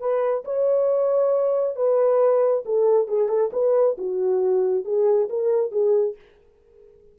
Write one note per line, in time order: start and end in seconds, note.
0.00 0.44 B4
0.45 1.76 C#5
1.76 2.64 B4
2.66 3.08 A4
3.08 3.29 G#4
3.29 3.51 A4
3.53 3.97 B4
3.98 4.85 F#4
4.85 5.29 G#4
5.30 5.72 A#4
5.72 6.16 G#4